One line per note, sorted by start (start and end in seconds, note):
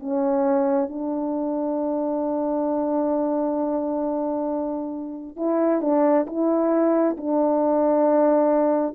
0.00 0.89 C#4
0.89 5.37 D4
5.37 5.81 E4
5.81 6.26 D4
6.27 7.17 E4
7.18 8.96 D4